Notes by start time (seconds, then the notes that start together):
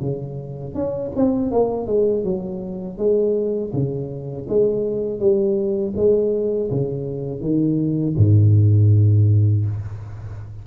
0.00 C#3
0.74 C#4
1.15 C4
1.51 A#3
1.86 G#3
2.23 F#3
2.97 G#3
3.73 C#3
4.48 G#3
5.19 G3
5.96 G#3
6.70 C#3
7.40 D#3
8.17 G#2